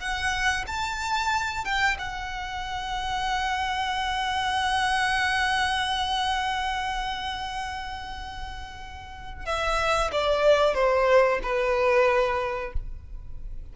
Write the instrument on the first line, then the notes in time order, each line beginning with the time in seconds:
violin
0.00 F#5
0.67 A5
1.65 G5
1.99 F#5
9.46 E5
10.12 D5
10.75 C5
11.43 B4